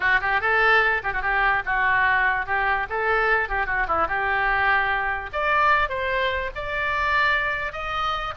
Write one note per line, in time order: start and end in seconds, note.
0.00 0.20 F#4
0.20 0.40 G4
0.40 1.01 A4
1.03 1.13 G4
1.13 1.22 F#4
1.22 1.62 G4
1.65 2.46 F#4
2.46 2.87 G4
2.89 3.48 A4
3.48 3.66 G4
3.66 3.86 F#4
3.87 4.07 E4
4.07 5.30 G4
5.32 5.89 D5
5.89 6.50 C5
6.55 7.72 D5
7.72 8.33 D#5